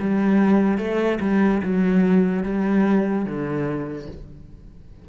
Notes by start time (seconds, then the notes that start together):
0.00 G3
0.78 A3
1.21 G3
1.63 F#3
2.44 G3
3.25 D3